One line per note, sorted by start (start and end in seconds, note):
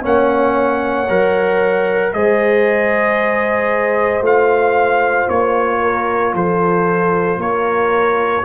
0.00 1.09 A#3
0.00 1.07 C#4
0.00 2.11 C#5
0.00 2.13 F#5
1.08 2.14 F#3
1.08 2.14 A#4
2.13 4.21 G#3
2.13 4.22 G#4
2.13 5.82 C5
2.13 4.23 D#5
4.21 5.26 A3
4.21 8.43 F4
4.21 5.29 F5
5.29 6.34 A#3
5.29 6.34 C#5
5.82 6.34 A#4
6.34 7.37 F3
6.34 7.40 A4
6.34 7.41 C5
7.37 8.42 A#3
7.37 8.45 A#4
7.37 8.45 C#5